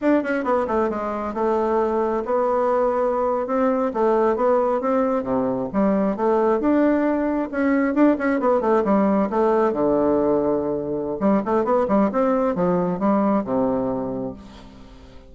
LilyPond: \new Staff \with { instrumentName = "bassoon" } { \time 4/4 \tempo 4 = 134 d'8 cis'8 b8 a8 gis4 a4~ | a4 b2~ b8. c'16~ | c'8. a4 b4 c'4 c16~ | c8. g4 a4 d'4~ d'16~ |
d'8. cis'4 d'8 cis'8 b8 a8 g16~ | g8. a4 d2~ d16~ | d4 g8 a8 b8 g8 c'4 | f4 g4 c2 | }